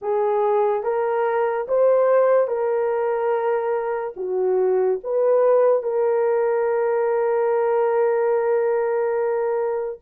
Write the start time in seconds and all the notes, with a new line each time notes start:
0.01 G#4
0.83 A#4
1.68 C5
2.47 A#4
4.16 F#4
5.03 B4
5.83 A#4